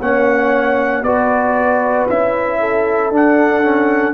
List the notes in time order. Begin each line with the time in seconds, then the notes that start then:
0.00 A#3 C#4 C#5 F#5
1.02 B3 F#4 B4 D5
2.09 C#4 E4 E5
2.59 A4
3.10 D4 F#5
3.62 C#4